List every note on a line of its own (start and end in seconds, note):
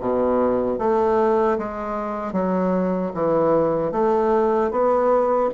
0.00 0.79 B2
0.79 1.58 A3
1.58 2.33 G#3
2.33 3.11 F#3
3.14 3.92 E3
3.92 4.71 A3
4.71 5.50 B3